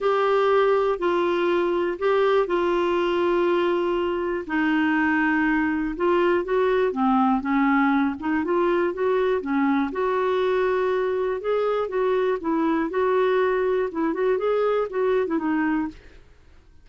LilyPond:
\new Staff \with { instrumentName = "clarinet" } { \time 4/4 \tempo 4 = 121 g'2 f'2 | g'4 f'2.~ | f'4 dis'2. | f'4 fis'4 c'4 cis'4~ |
cis'8 dis'8 f'4 fis'4 cis'4 | fis'2. gis'4 | fis'4 e'4 fis'2 | e'8 fis'8 gis'4 fis'8. e'16 dis'4 | }